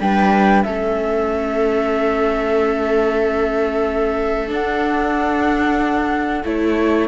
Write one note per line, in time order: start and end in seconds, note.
0.00 0.65 G3
0.00 0.66 D4
0.00 0.65 B4
0.00 0.63 G5
0.63 4.51 A3
0.63 4.48 C#4
0.63 7.08 A4
0.63 4.50 E5
4.48 6.41 D4
4.48 6.44 D4
4.48 6.46 F#5
6.45 7.08 A3
6.45 7.08 E4
6.45 7.08 C#5